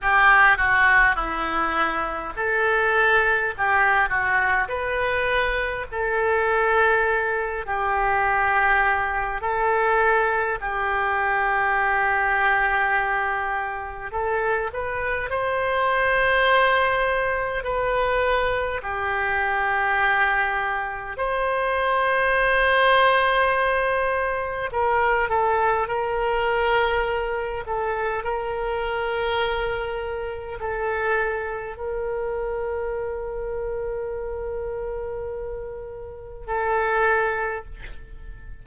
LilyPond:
\new Staff \with { instrumentName = "oboe" } { \time 4/4 \tempo 4 = 51 g'8 fis'8 e'4 a'4 g'8 fis'8 | b'4 a'4. g'4. | a'4 g'2. | a'8 b'8 c''2 b'4 |
g'2 c''2~ | c''4 ais'8 a'8 ais'4. a'8 | ais'2 a'4 ais'4~ | ais'2. a'4 | }